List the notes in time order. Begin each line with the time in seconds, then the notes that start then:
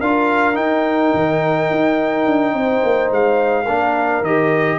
0.00 D4 F4 A#4 F5
0.54 D#4 G5
1.14 D#3
1.71 D#4
2.26 D4
2.54 C4 C5
2.84 A#3
3.11 G#3 F5
3.65 A#3 D4 A#4
4.22 D#3 G4 D#5